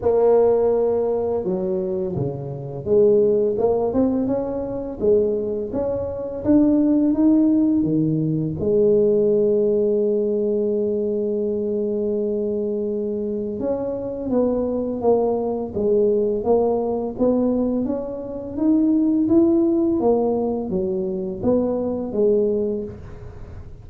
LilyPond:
\new Staff \with { instrumentName = "tuba" } { \time 4/4 \tempo 4 = 84 ais2 fis4 cis4 | gis4 ais8 c'8 cis'4 gis4 | cis'4 d'4 dis'4 dis4 | gis1~ |
gis2. cis'4 | b4 ais4 gis4 ais4 | b4 cis'4 dis'4 e'4 | ais4 fis4 b4 gis4 | }